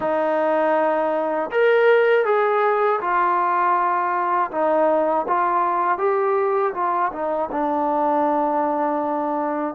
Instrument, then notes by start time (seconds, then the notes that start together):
trombone
0.00 D#4
1.51 A#4
2.25 G#4
3.00 F4
4.51 D#4
5.27 F4
5.98 G4
6.74 F4
7.12 D#4
7.51 D4